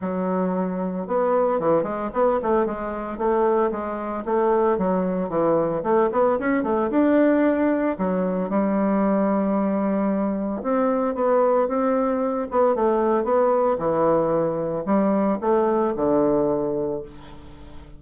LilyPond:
\new Staff \with { instrumentName = "bassoon" } { \time 4/4 \tempo 4 = 113 fis2 b4 e8 gis8 | b8 a8 gis4 a4 gis4 | a4 fis4 e4 a8 b8 | cis'8 a8 d'2 fis4 |
g1 | c'4 b4 c'4. b8 | a4 b4 e2 | g4 a4 d2 | }